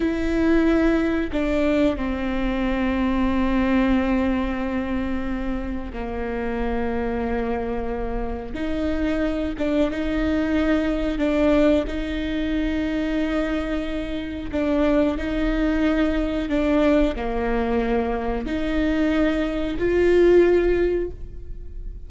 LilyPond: \new Staff \with { instrumentName = "viola" } { \time 4/4 \tempo 4 = 91 e'2 d'4 c'4~ | c'1~ | c'4 ais2.~ | ais4 dis'4. d'8 dis'4~ |
dis'4 d'4 dis'2~ | dis'2 d'4 dis'4~ | dis'4 d'4 ais2 | dis'2 f'2 | }